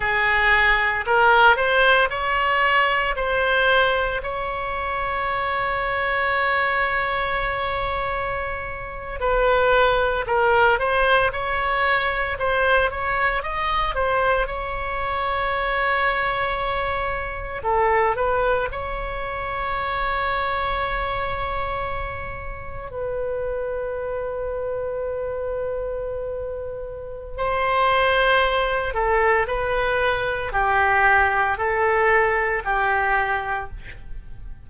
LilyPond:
\new Staff \with { instrumentName = "oboe" } { \time 4/4 \tempo 4 = 57 gis'4 ais'8 c''8 cis''4 c''4 | cis''1~ | cis''8. b'4 ais'8 c''8 cis''4 c''16~ | c''16 cis''8 dis''8 c''8 cis''2~ cis''16~ |
cis''8. a'8 b'8 cis''2~ cis''16~ | cis''4.~ cis''16 b'2~ b'16~ | b'2 c''4. a'8 | b'4 g'4 a'4 g'4 | }